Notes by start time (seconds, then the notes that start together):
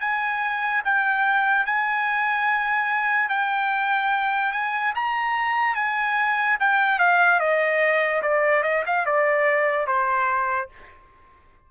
0.00 G#5
0.84 G5
1.66 G#5
3.29 G5
4.52 G#5
4.95 A#5
5.75 G#5
6.59 G5
6.99 F5
7.39 D#5
8.22 D5
8.63 D#5
8.86 F5
9.06 D5
9.87 C5